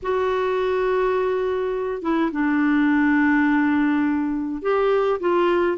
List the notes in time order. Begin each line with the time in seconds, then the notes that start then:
0.02 F#4
2.02 E4
2.31 D4
4.62 G4
5.19 F4